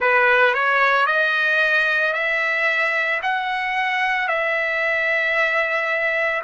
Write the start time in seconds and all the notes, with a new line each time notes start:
0.00 B4
0.54 C#5
1.06 D#5
2.13 E5
3.22 F#5
4.28 E5